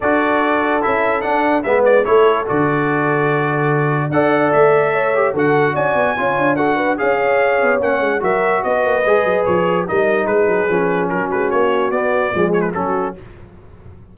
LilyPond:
<<
  \new Staff \with { instrumentName = "trumpet" } { \time 4/4 \tempo 4 = 146 d''2 e''4 fis''4 | e''8 d''8 cis''4 d''2~ | d''2 fis''4 e''4~ | e''4 fis''4 gis''2 |
fis''4 f''2 fis''4 | e''4 dis''2 cis''4 | dis''4 b'2 ais'8 b'8 | cis''4 d''4. cis''16 b'16 a'4 | }
  \new Staff \with { instrumentName = "horn" } { \time 4/4 a'1 | b'4 a'2.~ | a'2 d''2 | cis''4 a'4 d''4 cis''4 |
a'8 b'8 cis''2. | ais'4 b'2. | ais'4 gis'2 fis'4~ | fis'2 gis'4 fis'4 | }
  \new Staff \with { instrumentName = "trombone" } { \time 4/4 fis'2 e'4 d'4 | b4 e'4 fis'2~ | fis'2 a'2~ | a'8 g'8 fis'2 f'4 |
fis'4 gis'2 cis'4 | fis'2 gis'2 | dis'2 cis'2~ | cis'4 b4 gis4 cis'4 | }
  \new Staff \with { instrumentName = "tuba" } { \time 4/4 d'2 cis'4 d'4 | gis4 a4 d2~ | d2 d'4 a4~ | a4 d4 cis'8 b8 cis'8 d'8~ |
d'4 cis'4. b8 ais8 gis8 | fis4 b8 ais8 gis8 fis8 f4 | g4 gis8 fis8 f4 fis8 gis8 | ais4 b4 f4 fis4 | }
>>